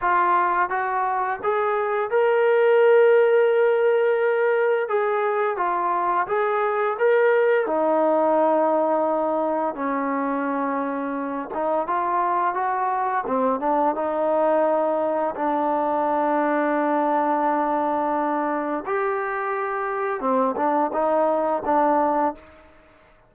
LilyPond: \new Staff \with { instrumentName = "trombone" } { \time 4/4 \tempo 4 = 86 f'4 fis'4 gis'4 ais'4~ | ais'2. gis'4 | f'4 gis'4 ais'4 dis'4~ | dis'2 cis'2~ |
cis'8 dis'8 f'4 fis'4 c'8 d'8 | dis'2 d'2~ | d'2. g'4~ | g'4 c'8 d'8 dis'4 d'4 | }